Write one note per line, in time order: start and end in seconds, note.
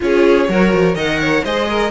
0.00 0.48 C#4
0.00 0.47 F4
0.00 0.49 G#4
0.00 0.97 C#5
0.48 0.72 F#3
0.48 0.94 F#4
0.48 0.94 A#4
0.73 0.94 F3
0.94 1.42 D#3
0.94 1.42 A#4
0.94 1.18 D#5
0.94 1.44 F#5
1.20 1.44 C#5
1.44 1.90 G#3
1.44 1.90 G#4
1.44 1.68 C5
1.44 1.90 D#5
1.69 1.90 A#4